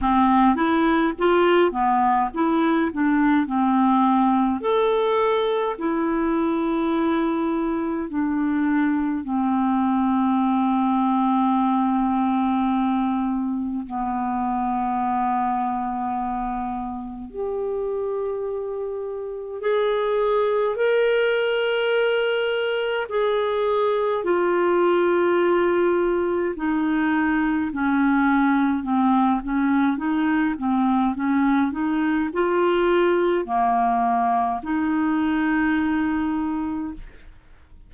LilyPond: \new Staff \with { instrumentName = "clarinet" } { \time 4/4 \tempo 4 = 52 c'8 e'8 f'8 b8 e'8 d'8 c'4 | a'4 e'2 d'4 | c'1 | b2. g'4~ |
g'4 gis'4 ais'2 | gis'4 f'2 dis'4 | cis'4 c'8 cis'8 dis'8 c'8 cis'8 dis'8 | f'4 ais4 dis'2 | }